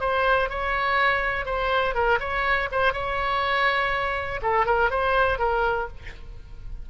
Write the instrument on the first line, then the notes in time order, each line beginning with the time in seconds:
oboe
0.00 C5
0.49 C#5
1.45 C5
1.94 A#4
2.20 C#5
2.71 C5
2.93 C#5
4.42 A4
4.66 A#4
4.90 C5
5.39 A#4